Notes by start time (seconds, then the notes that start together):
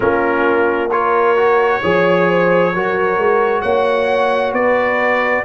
0.00 A#3 C#4 F4 A#4
0.90 F4 A#4 C#5
1.36 F#4
1.82 F3 G#4 C#5
2.26 C5
2.73 F#3 F#4 A#4
3.17 G#3
3.61 A#3 C#5 F#5
4.52 B3 B4 D5